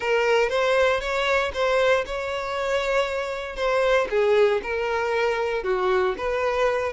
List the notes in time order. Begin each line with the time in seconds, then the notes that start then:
0.00 A#4
0.49 C5
1.00 C#5
1.53 C5
2.06 C#5
3.56 C5
4.10 G#4
4.62 A#4
5.63 F#4
6.17 B4